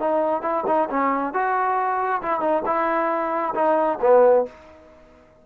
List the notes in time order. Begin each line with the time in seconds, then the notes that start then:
0.00 D#4
0.42 E4
0.67 D#4
0.90 C#4
1.34 F#4
2.22 E4
2.41 D#4
2.66 E4
3.55 D#4
4.02 B3